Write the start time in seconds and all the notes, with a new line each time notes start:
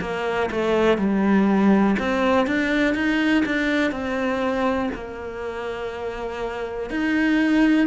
0.00 A#3
0.51 A3
0.97 G3
1.99 C4
2.46 D4
2.94 D#4
3.45 D4
3.91 C4
4.94 A#3
6.90 D#4